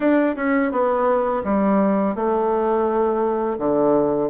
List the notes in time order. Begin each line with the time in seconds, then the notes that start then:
0.00 D4
0.36 C#4
0.71 B3
1.44 G3
2.15 A3
3.58 D3